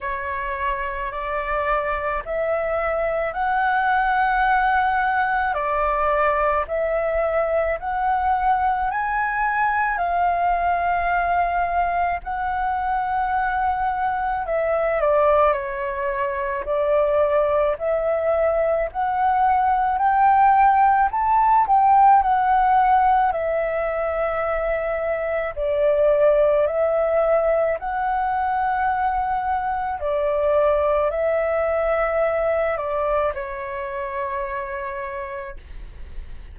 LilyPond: \new Staff \with { instrumentName = "flute" } { \time 4/4 \tempo 4 = 54 cis''4 d''4 e''4 fis''4~ | fis''4 d''4 e''4 fis''4 | gis''4 f''2 fis''4~ | fis''4 e''8 d''8 cis''4 d''4 |
e''4 fis''4 g''4 a''8 g''8 | fis''4 e''2 d''4 | e''4 fis''2 d''4 | e''4. d''8 cis''2 | }